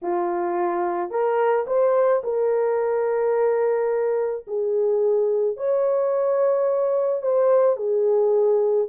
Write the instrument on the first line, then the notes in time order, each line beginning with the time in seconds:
horn
0.02 F4
1.10 A#4
1.66 C5
2.23 A#4
4.47 G#4
5.56 C#5
7.22 C5
7.76 G#4